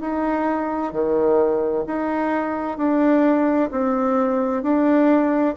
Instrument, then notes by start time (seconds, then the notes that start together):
bassoon
0.00 D#4
0.92 D#3
1.86 D#4
2.77 D4
3.71 C4
4.62 D4